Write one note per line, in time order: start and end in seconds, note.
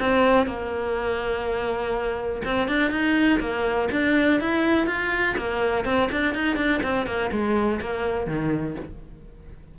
0.00 0.47 C4
0.47 2.42 A#3
2.45 2.69 C4
2.69 2.91 D4
2.91 3.40 D#4
3.41 3.89 A#3
3.92 4.41 D4
4.41 4.87 E4
4.87 5.36 F4
5.38 5.85 A#3
5.85 6.10 C4
6.12 6.35 D4
6.35 6.57 D#4
6.57 6.81 D4
6.83 7.07 C4
7.07 7.31 A#3
7.32 7.81 G#3
7.82 8.27 A#3
8.27 8.76 D#3